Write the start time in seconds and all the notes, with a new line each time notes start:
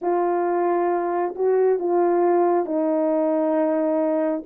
0.01 F4
1.35 F#4
1.79 F4
2.65 D#4